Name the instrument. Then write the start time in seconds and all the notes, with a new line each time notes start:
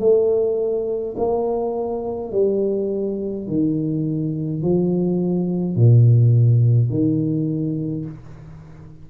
tuba
0.00 A3
1.17 A#3
2.32 G3
3.48 D#3
4.63 F3
5.76 A#2
6.90 D#3